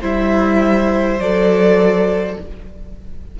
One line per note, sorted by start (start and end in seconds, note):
0.00 1.19 G3
0.00 1.19 E4
0.00 2.35 C5
0.00 1.20 E5
1.19 2.36 F#3
1.19 2.39 A4
1.19 2.37 D5